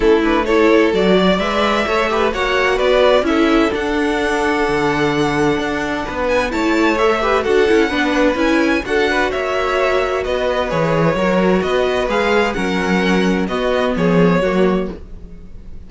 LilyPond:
<<
  \new Staff \with { instrumentName = "violin" } { \time 4/4 \tempo 4 = 129 a'8 b'8 cis''4 d''4 e''4~ | e''4 fis''4 d''4 e''4 | fis''1~ | fis''4. gis''8 a''4 e''4 |
fis''2 gis''4 fis''4 | e''2 dis''4 cis''4~ | cis''4 dis''4 f''4 fis''4~ | fis''4 dis''4 cis''2 | }
  \new Staff \with { instrumentName = "violin" } { \time 4/4 e'4 a'4. d''4. | cis''8 b'8 cis''4 b'4 a'4~ | a'1~ | a'4 b'4 cis''4. b'8 |
a'4 b'2 a'8 b'8 | cis''2 b'2 | ais'4 b'2 ais'4~ | ais'4 fis'4 gis'4 fis'4 | }
  \new Staff \with { instrumentName = "viola" } { \time 4/4 cis'8 d'8 e'4 fis'4 b'4 | a'8 g'8 fis'2 e'4 | d'1~ | d'2 e'4 a'8 g'8 |
fis'8 e'8 d'4 e'4 fis'4~ | fis'2. gis'4 | fis'2 gis'4 cis'4~ | cis'4 b2 ais4 | }
  \new Staff \with { instrumentName = "cello" } { \time 4/4 a2 fis4 gis4 | a4 ais4 b4 cis'4 | d'2 d2 | d'4 b4 a2 |
d'8 cis'8 b4 cis'4 d'4 | ais2 b4 e4 | fis4 b4 gis4 fis4~ | fis4 b4 f4 fis4 | }
>>